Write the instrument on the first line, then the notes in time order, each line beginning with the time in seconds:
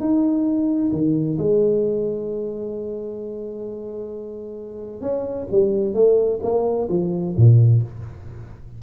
tuba
0.00 D#4
0.92 D#3
1.38 G#3
5.01 C#4
5.51 G3
5.94 A3
6.43 A#3
6.89 F3
7.37 A#2